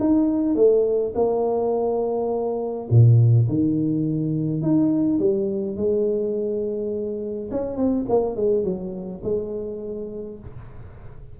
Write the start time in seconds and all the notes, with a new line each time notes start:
0.00 D#4
0.56 A3
1.15 A#3
2.90 A#2
3.49 D#3
4.62 D#4
5.19 G3
5.77 G#3
7.51 C#4
7.77 C4
8.09 A#3
8.36 G#3
8.64 F#3
9.24 G#3